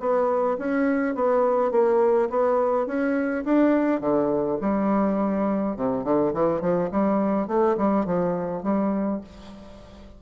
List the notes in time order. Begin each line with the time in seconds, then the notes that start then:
0.00 B3
0.58 C#4
1.15 B3
1.72 A#3
2.30 B3
2.87 C#4
3.45 D4
4.01 D3
4.61 G3
5.76 C3
6.04 D3
6.34 E3
6.61 F3
6.92 G3
7.47 A3
7.78 G3
8.06 F3
8.63 G3